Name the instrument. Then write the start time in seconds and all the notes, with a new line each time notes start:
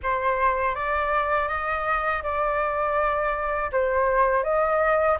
flute
0.02 C5
0.75 D5
1.48 D#5
2.22 D5
3.72 C5
4.43 D#5